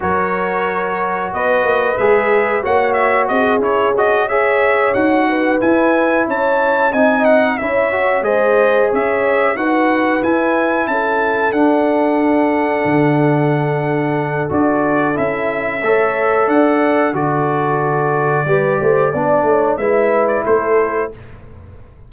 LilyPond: <<
  \new Staff \with { instrumentName = "trumpet" } { \time 4/4 \tempo 4 = 91 cis''2 dis''4 e''4 | fis''8 e''8 dis''8 cis''8 dis''8 e''4 fis''8~ | fis''8 gis''4 a''4 gis''8 fis''8 e''8~ | e''8 dis''4 e''4 fis''4 gis''8~ |
gis''8 a''4 fis''2~ fis''8~ | fis''2 d''4 e''4~ | e''4 fis''4 d''2~ | d''2 e''8. d''16 c''4 | }
  \new Staff \with { instrumentName = "horn" } { \time 4/4 ais'2 b'2 | cis''4 gis'4. cis''4. | b'4. cis''4 dis''4 cis''8~ | cis''8 c''4 cis''4 b'4.~ |
b'8 a'2.~ a'8~ | a'1 | cis''4 d''4 a'2 | b'8 c''8 d''8 cis''8 b'4 a'4 | }
  \new Staff \with { instrumentName = "trombone" } { \time 4/4 fis'2. gis'4 | fis'4. e'8 fis'8 gis'4 fis'8~ | fis'8 e'2 dis'4 e'8 | fis'8 gis'2 fis'4 e'8~ |
e'4. d'2~ d'8~ | d'2 fis'4 e'4 | a'2 fis'2 | g'4 d'4 e'2 | }
  \new Staff \with { instrumentName = "tuba" } { \time 4/4 fis2 b8 ais8 gis4 | ais4 c'8 cis'2 dis'8~ | dis'8 e'4 cis'4 c'4 cis'8~ | cis'8 gis4 cis'4 dis'4 e'8~ |
e'8 cis'4 d'2 d8~ | d2 d'4 cis'4 | a4 d'4 d2 | g8 a8 b8 a8 gis4 a4 | }
>>